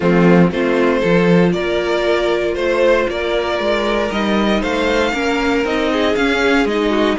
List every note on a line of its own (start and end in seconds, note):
0.00 0.51 F3
0.00 0.48 A3
0.00 0.52 C4
0.00 0.50 F4
0.51 1.02 A3
0.51 1.02 C4
0.51 0.99 F4
0.51 1.52 C5
0.99 1.54 F3
0.99 4.10 F4
0.99 1.50 A4
1.52 2.55 A#3
1.52 2.54 A#4
1.52 2.54 D5
2.54 3.06 A3
2.54 3.05 C5
2.54 3.10 C5
3.08 3.59 A#3
3.08 4.60 A#4
3.08 4.11 D5
3.59 4.10 G#3
4.11 4.62 G3
4.11 5.13 D#4
4.11 4.62 D#5
4.60 5.12 A3
4.60 5.12 C5
4.60 5.65 F5
5.12 5.64 A#3
5.12 5.65 C#4
5.12 5.91 A#4
5.64 6.15 C4
5.64 6.16 D#4
5.64 6.15 D#5
5.92 6.89 G#4
6.15 6.64 C#4
6.15 6.67 C#4
6.15 6.66 F5
6.64 7.16 G#3
6.64 7.19 D#4
6.64 7.18 D#5
6.89 7.15 F#4